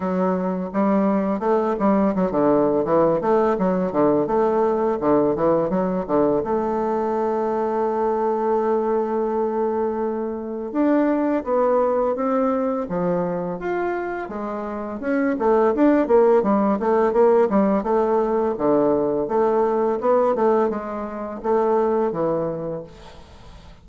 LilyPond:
\new Staff \with { instrumentName = "bassoon" } { \time 4/4 \tempo 4 = 84 fis4 g4 a8 g8 fis16 d8. | e8 a8 fis8 d8 a4 d8 e8 | fis8 d8 a2.~ | a2. d'4 |
b4 c'4 f4 f'4 | gis4 cis'8 a8 d'8 ais8 g8 a8 | ais8 g8 a4 d4 a4 | b8 a8 gis4 a4 e4 | }